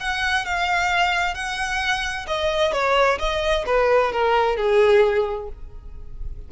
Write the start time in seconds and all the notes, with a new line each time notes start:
0.00 F#5
0.45 F5
1.34 F#5
2.27 D#5
2.72 C#5
3.19 D#5
3.66 B4
4.12 A#4
4.57 G#4